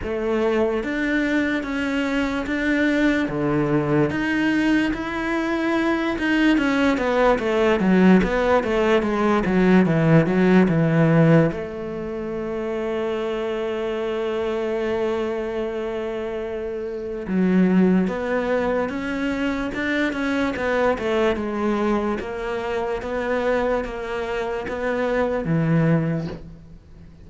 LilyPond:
\new Staff \with { instrumentName = "cello" } { \time 4/4 \tempo 4 = 73 a4 d'4 cis'4 d'4 | d4 dis'4 e'4. dis'8 | cis'8 b8 a8 fis8 b8 a8 gis8 fis8 | e8 fis8 e4 a2~ |
a1~ | a4 fis4 b4 cis'4 | d'8 cis'8 b8 a8 gis4 ais4 | b4 ais4 b4 e4 | }